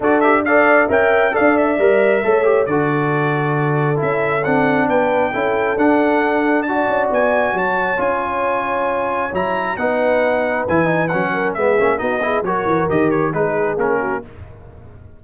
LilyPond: <<
  \new Staff \with { instrumentName = "trumpet" } { \time 4/4 \tempo 4 = 135 d''8 e''8 f''4 g''4 f''8 e''8~ | e''2 d''2~ | d''4 e''4 fis''4 g''4~ | g''4 fis''2 a''4 |
gis''4 a''4 gis''2~ | gis''4 ais''4 fis''2 | gis''4 fis''4 e''4 dis''4 | cis''4 dis''8 cis''8 b'4 ais'4 | }
  \new Staff \with { instrumentName = "horn" } { \time 4/4 a'4 d''4 e''4 d''4~ | d''4 cis''4 a'2~ | a'2. b'4 | a'2. d''4~ |
d''4 cis''2.~ | cis''2 b'2~ | b'4. ais'8 gis'4 fis'8 gis'8 | ais'2 gis'4. fis'8 | }
  \new Staff \with { instrumentName = "trombone" } { \time 4/4 fis'8 g'8 a'4 ais'4 a'4 | ais'4 a'8 g'8 fis'2~ | fis'4 e'4 d'2 | e'4 d'2 fis'4~ |
fis'2 f'2~ | f'4 e'4 dis'2 | e'8 dis'8 cis'4 b8 cis'8 dis'8 e'8 | fis'4 g'4 dis'4 cis'4 | }
  \new Staff \with { instrumentName = "tuba" } { \time 4/4 d'2 cis'4 d'4 | g4 a4 d2~ | d4 cis'4 c'4 b4 | cis'4 d'2~ d'8 cis'8 |
b4 fis4 cis'2~ | cis'4 fis4 b2 | e4 fis4 gis8 ais8 b4 | fis8 e8 dis4 gis4 ais4 | }
>>